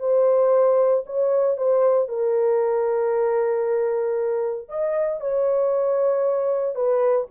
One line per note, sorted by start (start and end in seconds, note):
0.00 1.04 C5
1.06 1.57 C#5
1.57 2.08 C5
2.08 4.69 A#4
4.69 5.21 D#5
5.21 6.75 C#5
6.75 7.28 B4